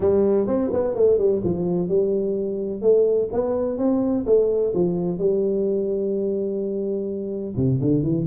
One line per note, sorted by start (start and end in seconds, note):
0.00 0.47 G3
0.47 0.70 C4
0.73 0.94 B3
0.94 1.17 A3
1.17 1.41 G3
1.44 1.88 F3
1.88 2.81 G3
2.81 3.28 A3
3.32 3.78 B3
3.78 4.25 C4
4.25 4.73 A3
4.74 5.18 F3
5.18 7.54 G3
7.56 7.80 C3
7.81 8.02 D3
8.02 8.26 E3